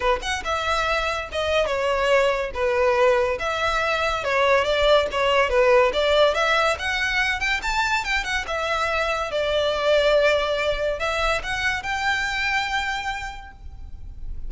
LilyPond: \new Staff \with { instrumentName = "violin" } { \time 4/4 \tempo 4 = 142 b'8 fis''8 e''2 dis''4 | cis''2 b'2 | e''2 cis''4 d''4 | cis''4 b'4 d''4 e''4 |
fis''4. g''8 a''4 g''8 fis''8 | e''2 d''2~ | d''2 e''4 fis''4 | g''1 | }